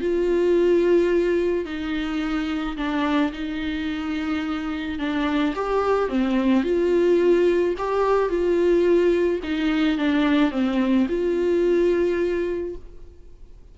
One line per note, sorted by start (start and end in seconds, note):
0.00 1.65 F4
1.65 2.76 D#4
2.76 3.32 D4
3.32 4.98 D#4
4.98 5.54 D4
5.55 6.08 G4
6.08 6.63 C4
6.63 7.74 F4
7.78 8.29 G4
8.29 9.40 F4
9.43 9.97 D#4
9.97 10.51 D4
10.51 11.06 C4
11.08 12.75 F4